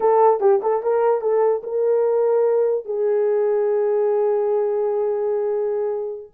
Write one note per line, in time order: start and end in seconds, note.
0.00 0.40 A4
0.40 0.60 G4
0.62 0.82 A4
0.82 1.21 A#4
1.21 1.61 A4
1.63 2.85 A#4
2.85 6.32 G#4